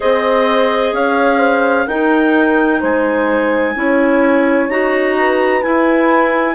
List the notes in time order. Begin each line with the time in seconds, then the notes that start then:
0.00 C4 G#4 C5 D#5
0.92 C#4 C#5 F5
1.38 C5
1.87 D#4 A#4 G5
2.80 G#3 C5 G#5
3.75 C#4 E4 C#5
4.69 D#4 F#4 A#5
5.18 B4
5.62 E4 G#5